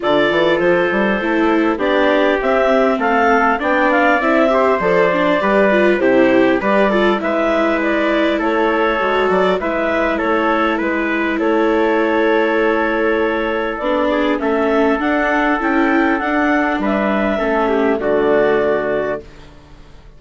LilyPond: <<
  \new Staff \with { instrumentName = "clarinet" } { \time 4/4 \tempo 4 = 100 d''4 c''2 d''4 | e''4 f''4 g''8 f''8 e''4 | d''2 c''4 d''4 | e''4 d''4 cis''4. d''8 |
e''4 cis''4 b'4 cis''4~ | cis''2. d''4 | e''4 fis''4 g''4 fis''4 | e''2 d''2 | }
  \new Staff \with { instrumentName = "trumpet" } { \time 4/4 a'2. g'4~ | g'4 a'4 d''4. c''8~ | c''4 b'4 g'4 b'8 a'8 | b'2 a'2 |
b'4 a'4 b'4 a'4~ | a'2.~ a'8 gis'8 | a'1 | b'4 a'8 g'8 fis'2 | }
  \new Staff \with { instrumentName = "viola" } { \time 4/4 f'2 e'4 d'4 | c'2 d'4 e'8 g'8 | a'8 d'8 g'8 f'8 e'4 g'8 f'8 | e'2. fis'4 |
e'1~ | e'2. d'4 | cis'4 d'4 e'4 d'4~ | d'4 cis'4 a2 | }
  \new Staff \with { instrumentName = "bassoon" } { \time 4/4 d8 e8 f8 g8 a4 b4 | c'4 a4 b4 c'4 | f4 g4 c4 g4 | gis2 a4 gis8 fis8 |
gis4 a4 gis4 a4~ | a2. b4 | a4 d'4 cis'4 d'4 | g4 a4 d2 | }
>>